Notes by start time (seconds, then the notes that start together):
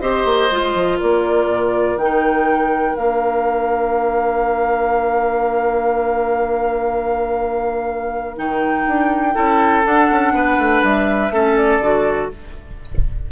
0.00 C4 G4 C5 D#5
0.24 A#3
0.51 G#3 F4
0.74 F3
0.98 A#3 A#4 D5
1.47 A#2
1.96 D#3 D#4 G5
2.95 A#3 D4 F5
8.36 D#3 D#4 G5
8.86 D4
9.34 C#4 E4 A4
9.84 D4 F#5
10.11 C#4
10.33 B3 B4
10.57 A3
10.83 G3 E5
11.30 A3 C#4 A4
11.57 D5
11.80 D3 F#4